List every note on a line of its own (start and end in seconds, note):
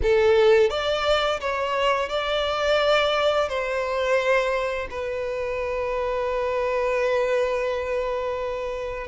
0.02 0.70 A4
0.70 1.40 D5
1.40 2.09 C#5
2.09 3.48 D5
3.48 4.88 C5
4.90 9.07 B4